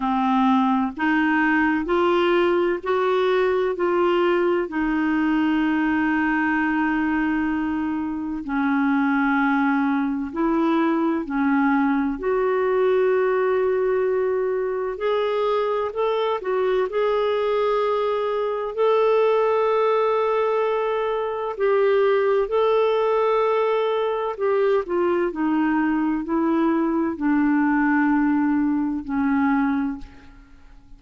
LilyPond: \new Staff \with { instrumentName = "clarinet" } { \time 4/4 \tempo 4 = 64 c'4 dis'4 f'4 fis'4 | f'4 dis'2.~ | dis'4 cis'2 e'4 | cis'4 fis'2. |
gis'4 a'8 fis'8 gis'2 | a'2. g'4 | a'2 g'8 f'8 dis'4 | e'4 d'2 cis'4 | }